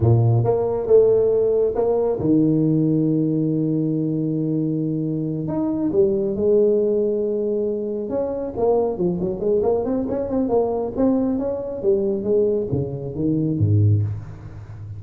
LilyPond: \new Staff \with { instrumentName = "tuba" } { \time 4/4 \tempo 4 = 137 ais,4 ais4 a2 | ais4 dis2.~ | dis1~ | dis8 dis'4 g4 gis4.~ |
gis2~ gis8 cis'4 ais8~ | ais8 f8 fis8 gis8 ais8 c'8 cis'8 c'8 | ais4 c'4 cis'4 g4 | gis4 cis4 dis4 gis,4 | }